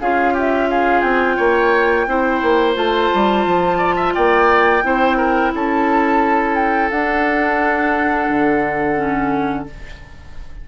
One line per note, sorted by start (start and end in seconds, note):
0.00 1.02 C#4
0.00 2.07 F4
0.00 0.33 G#4
0.00 0.35 F5
0.33 0.68 G4
0.33 0.69 E5
0.69 1.36 G#4
0.69 1.01 F5
1.01 1.37 C4
1.01 2.73 G5
1.36 2.07 A#3
1.36 2.05 C#5
2.07 2.41 C4
2.07 2.74 E4
2.07 3.78 C5
2.42 2.76 A#3
2.74 3.10 A3
2.74 4.81 F4
2.74 4.14 A5
3.14 3.45 G3
3.45 4.14 F3
3.78 3.95 D5
3.96 4.13 E5
4.14 4.83 A#3
4.14 4.83 D5
4.14 5.52 G5
4.83 5.52 C4
4.83 6.90 E4
4.83 5.17 C5
5.17 5.51 A#4
5.54 6.91 C#4
5.54 9.68 A4
5.54 6.54 A5
6.54 6.89 G5
6.90 8.28 D4
6.90 8.96 D4
6.90 9.66 F#5
8.28 9.66 D3
8.96 9.65 C#4